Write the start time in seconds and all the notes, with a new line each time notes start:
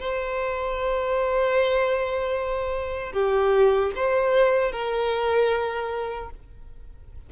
0.00 C5
3.13 G4
3.96 C5
4.72 A#4